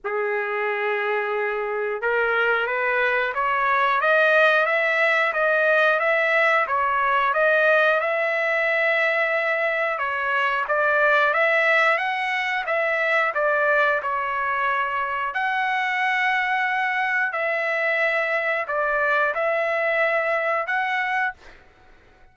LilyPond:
\new Staff \with { instrumentName = "trumpet" } { \time 4/4 \tempo 4 = 90 gis'2. ais'4 | b'4 cis''4 dis''4 e''4 | dis''4 e''4 cis''4 dis''4 | e''2. cis''4 |
d''4 e''4 fis''4 e''4 | d''4 cis''2 fis''4~ | fis''2 e''2 | d''4 e''2 fis''4 | }